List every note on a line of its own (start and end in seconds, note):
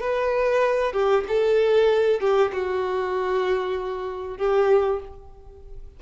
0.00 0.92 B4
0.92 1.24 G4
1.28 2.20 A4
2.20 2.51 G4
2.52 4.37 F#4
4.37 5.00 G4